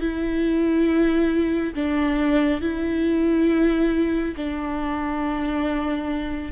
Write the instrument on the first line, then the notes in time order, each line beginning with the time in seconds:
viola
0.00 E4
1.74 D4
2.60 E4
4.36 D4